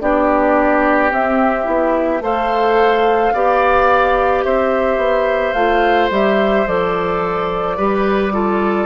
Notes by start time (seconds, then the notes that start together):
0.00 B3 D4 G4 D5
1.10 C4 E5
1.63 B3 E4
2.20 A3 A4 C5 F5
3.33 B3 G4 D5
4.44 C4 C5 E5
4.97 B3
5.53 A3 F4 F5
6.10 G3 G4 E5
6.66 F3 A4 D5
7.76 G3 G4 B4
8.32 F4 A4